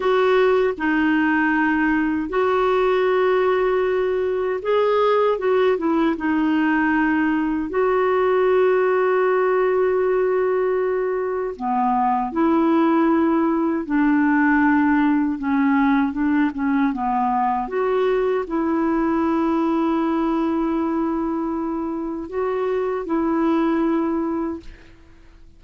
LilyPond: \new Staff \with { instrumentName = "clarinet" } { \time 4/4 \tempo 4 = 78 fis'4 dis'2 fis'4~ | fis'2 gis'4 fis'8 e'8 | dis'2 fis'2~ | fis'2. b4 |
e'2 d'2 | cis'4 d'8 cis'8 b4 fis'4 | e'1~ | e'4 fis'4 e'2 | }